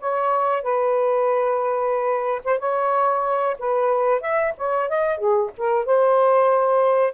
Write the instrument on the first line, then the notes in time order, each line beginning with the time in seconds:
saxophone
0.00 C#5
0.63 B4
2.44 C5
2.59 C#5
3.59 B4
4.21 E5
4.58 C#5
4.89 D#5
5.18 G#4
5.58 A#4
5.85 C5